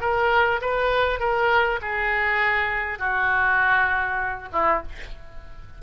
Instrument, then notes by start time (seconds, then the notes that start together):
oboe
0.00 A#4
0.61 B4
1.19 A#4
1.81 G#4
2.98 F#4
4.52 E4